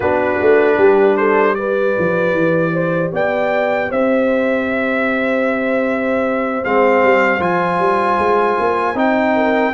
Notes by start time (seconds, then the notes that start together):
0.00 B3 D4 F#4 B4
0.41 A3
0.76 G3 G4
1.16 A4 C5
1.54 G4 B4 D5
1.98 F3
2.33 E3
2.73 C5
3.12 B3 D5 G5
3.89 C4 C5 E5
6.63 G#3 C4 F5
7.03 G3
7.39 F3 F4 G#5
7.78 G3
8.18 G#3
8.59 A#3
8.94 C4 D#4 G5
9.35 A#4